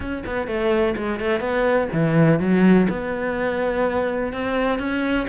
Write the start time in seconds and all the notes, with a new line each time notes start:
0.00 C#4
0.26 B3
0.47 A3
0.96 G#3
1.19 A3
1.39 B3
1.92 E3
2.39 F#3
2.89 B3
4.32 C4
4.78 C#4